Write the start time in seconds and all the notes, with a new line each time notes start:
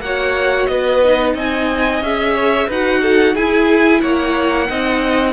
0.00 A#3 F#4 C#5 F#5
0.66 B3 B4 D#5
1.04 D#4
1.34 C4 D#5 G#5
2.00 C#4 G#4 E5
2.33 C#5
2.67 D#4 F#4 B4 F#5
3.02 A4
3.34 E4 G#4 G#5
4.01 A#3 C#5 F#5
4.68 C4 D#4 D#5